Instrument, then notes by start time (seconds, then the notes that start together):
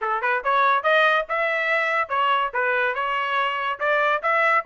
trumpet
0.01 A4
0.21 B4
0.44 C#5
0.83 D#5
1.28 E5
2.08 C#5
2.53 B4
2.94 C#5
3.79 D5
4.22 E5